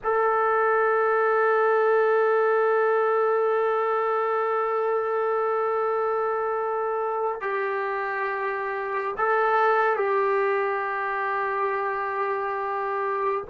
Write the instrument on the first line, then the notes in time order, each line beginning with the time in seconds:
trombone
0.03 A4
7.40 G4
9.17 A4
9.96 G4